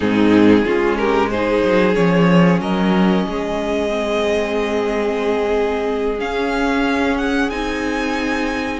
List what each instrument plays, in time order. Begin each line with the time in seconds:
0.00 cello G#2, viola C4, violin D#4 G#4
0.64 cello G#3, viola C#4, violin F4
0.96 violin G4 A#4
1.30 viola D#4, violin G#4 C5
1.63 cello F#3
1.94 cello F3, viola C#4, violin C#5
2.60 cello F#3, violin A#4 D#5
3.25 cello G#3, violin G#4
3.89 viola C4
6.18 viola C#4, cello C#4, violin F5
7.17 violin F#5
7.50 cello C4, viola D#4, violin G#5